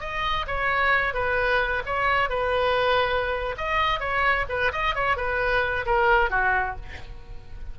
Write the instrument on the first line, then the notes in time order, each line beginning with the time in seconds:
oboe
0.00 D#5
0.47 C#5
1.14 B4
1.86 C#5
2.29 B4
3.57 D#5
4.00 C#5
4.49 B4
4.72 D#5
4.95 C#5
5.17 B4
5.86 A#4
6.30 F#4